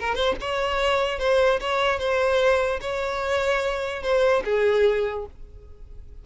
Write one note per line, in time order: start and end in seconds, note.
0.00 0.15 A#4
0.15 0.36 C5
0.41 1.19 C#5
1.19 1.60 C5
1.60 1.99 C#5
1.99 2.80 C5
2.82 4.03 C#5
4.03 4.43 C5
4.45 5.26 G#4